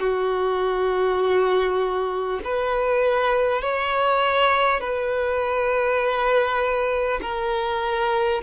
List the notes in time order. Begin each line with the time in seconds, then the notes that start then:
0.00 F#4
2.44 B4
3.62 C#5
4.81 B4
7.22 A#4